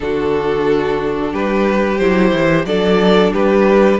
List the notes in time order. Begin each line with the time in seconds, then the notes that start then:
0.00 D3 D4 F#4 A4
1.32 G3 G4 B4
1.98 F#3 E4 C5
2.33 E3
2.65 F#3 D4 A4 D5
3.33 G3 G4 B4